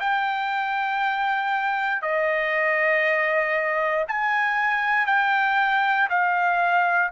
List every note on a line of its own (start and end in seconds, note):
0.00 2.02 G5
2.02 4.05 D#5
4.08 5.06 G#5
5.06 6.08 G5
6.09 7.11 F5